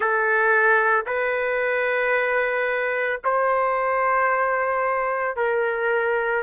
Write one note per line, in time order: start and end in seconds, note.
0.00 1.05 A4
1.06 3.20 B4
3.24 5.36 C5
5.36 6.43 A#4